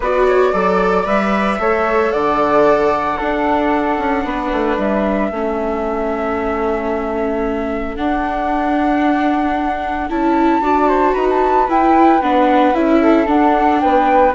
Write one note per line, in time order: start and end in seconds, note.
0.00 0.52 B3
0.00 0.52 F#4
0.00 0.26 B4
0.00 1.06 D5
0.28 0.51 C#5
0.51 1.06 F#3
0.51 1.04 A4
0.51 1.57 D5
1.04 1.59 G3
1.04 1.57 B4
1.04 2.12 E5
1.58 2.12 A3
1.58 3.17 A4
1.58 2.12 C#5
2.12 3.19 D3
2.12 3.17 D5
2.12 4.77 F#5
3.17 5.31 D4
3.17 3.98 D4
3.17 4.23 A4
3.98 4.24 C#4
4.24 4.50 B3
4.24 5.31 B4
4.51 4.77 A3
4.77 5.30 G3
4.77 7.96 E5
5.31 7.96 A3
5.31 7.96 C#4
5.31 10.62 A4
7.96 10.09 D4
7.96 10.10 D4
7.96 10.08 F#5
10.09 10.60 C#4
10.09 10.61 E4
10.09 11.14 A5
10.60 11.13 D4
10.60 11.67 F#4
10.60 10.88 D5
10.88 11.13 C5
11.13 11.68 D#4
11.13 12.99 B4
11.13 11.27 A#5
11.29 11.69 A5
11.68 12.21 E4
11.68 12.21 G5
12.21 12.73 B3
12.21 12.74 D4
12.21 12.74 F#5
12.73 13.27 C#4
12.73 13.26 E4
12.73 13.27 E5
13.01 13.81 A4
13.26 14.32 D4
13.26 13.80 D4
13.26 13.80 F#5
13.80 14.34 B3
13.80 14.34 B4
13.80 14.33 G5